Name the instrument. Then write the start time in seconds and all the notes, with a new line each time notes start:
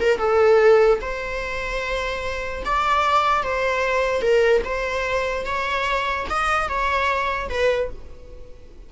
viola
0.00 A#4
0.18 A4
1.01 C5
2.65 D5
3.43 C5
4.21 A#4
4.64 C5
5.45 C#5
6.29 D#5
6.69 C#5
7.49 B4